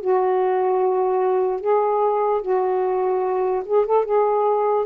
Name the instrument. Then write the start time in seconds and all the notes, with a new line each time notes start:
saxophone
0.00 F#4
1.60 G#4
2.41 F#4
3.65 G#4
3.86 A4
4.04 G#4